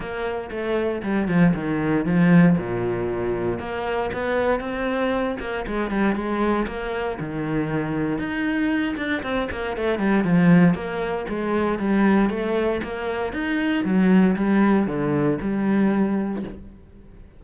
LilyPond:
\new Staff \with { instrumentName = "cello" } { \time 4/4 \tempo 4 = 117 ais4 a4 g8 f8 dis4 | f4 ais,2 ais4 | b4 c'4. ais8 gis8 g8 | gis4 ais4 dis2 |
dis'4. d'8 c'8 ais8 a8 g8 | f4 ais4 gis4 g4 | a4 ais4 dis'4 fis4 | g4 d4 g2 | }